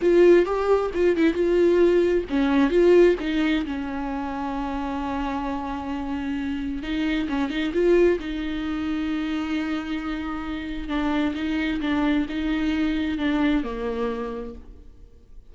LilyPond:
\new Staff \with { instrumentName = "viola" } { \time 4/4 \tempo 4 = 132 f'4 g'4 f'8 e'8 f'4~ | f'4 cis'4 f'4 dis'4 | cis'1~ | cis'2. dis'4 |
cis'8 dis'8 f'4 dis'2~ | dis'1 | d'4 dis'4 d'4 dis'4~ | dis'4 d'4 ais2 | }